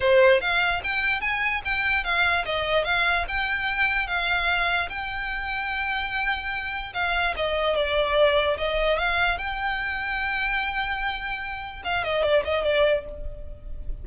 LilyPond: \new Staff \with { instrumentName = "violin" } { \time 4/4 \tempo 4 = 147 c''4 f''4 g''4 gis''4 | g''4 f''4 dis''4 f''4 | g''2 f''2 | g''1~ |
g''4 f''4 dis''4 d''4~ | d''4 dis''4 f''4 g''4~ | g''1~ | g''4 f''8 dis''8 d''8 dis''8 d''4 | }